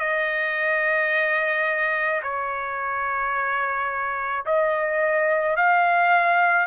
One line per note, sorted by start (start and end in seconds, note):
0.00 2.22 D#5
2.23 4.45 C#5
4.46 5.57 D#5
5.57 6.67 F5